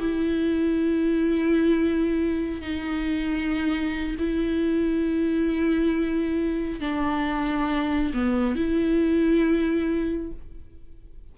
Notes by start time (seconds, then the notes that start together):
0.00 E4
2.61 D#4
4.19 E4
6.80 D4
8.14 B3
8.55 E4